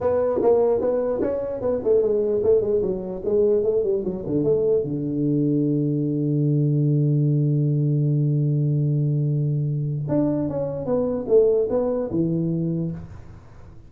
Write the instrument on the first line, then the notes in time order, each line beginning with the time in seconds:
tuba
0.00 B3
0.42 A#3
0.80 B3
1.21 C#4
1.61 B3
1.83 A3
2.01 G#3
2.43 A3
2.61 G#3
2.82 F#3
3.24 G#3
3.63 A3
3.83 G3
4.04 F#3
4.25 D3
4.43 A3
4.83 D3
10.08 D4
10.48 C#4
10.85 B3
11.28 A3
11.69 B3
12.10 E3